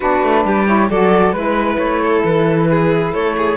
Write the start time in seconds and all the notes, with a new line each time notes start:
0.00 B3 D4 F#4 B4
0.23 A3
0.45 G3 G4
0.66 E4 C#5
0.89 F#3 F#4 A4 D5
1.32 G#3 E4 B4
1.77 A3 C#5
2.01 A4
2.24 E3 B4
2.70 G#4
3.13 A3 A4 C#5
3.37 G#4